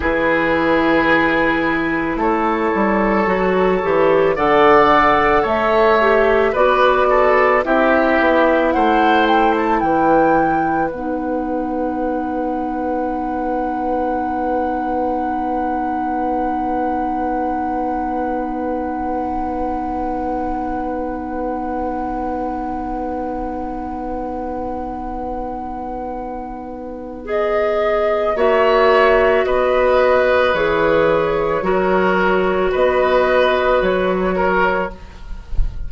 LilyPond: <<
  \new Staff \with { instrumentName = "flute" } { \time 4/4 \tempo 4 = 55 b'2 cis''2 | fis''4 e''4 d''4 e''4 | fis''8 g''16 a''16 g''4 fis''2~ | fis''1~ |
fis''1~ | fis''1~ | fis''4 dis''4 e''4 dis''4 | cis''2 dis''4 cis''4 | }
  \new Staff \with { instrumentName = "oboe" } { \time 4/4 gis'2 a'2 | d''4 cis''4 b'8 a'8 g'4 | c''4 b'2.~ | b'1~ |
b'1~ | b'1~ | b'2 cis''4 b'4~ | b'4 ais'4 b'4. ais'8 | }
  \new Staff \with { instrumentName = "clarinet" } { \time 4/4 e'2. fis'8 g'8 | a'4. g'8 fis'4 e'4~ | e'2 dis'2~ | dis'1~ |
dis'1~ | dis'1~ | dis'4 gis'4 fis'2 | gis'4 fis'2. | }
  \new Staff \with { instrumentName = "bassoon" } { \time 4/4 e2 a8 g8 fis8 e8 | d4 a4 b4 c'8 b8 | a4 e4 b2~ | b1~ |
b1~ | b1~ | b2 ais4 b4 | e4 fis4 b4 fis4 | }
>>